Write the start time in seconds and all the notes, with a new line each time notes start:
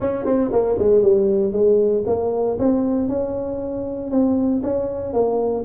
0.00 C#4
0.25 C4
0.52 A#3
0.79 G#3
1.02 G3
1.52 G#3
2.06 A#3
2.59 C4
3.08 C#4
4.10 C4
4.62 C#4
5.13 A#3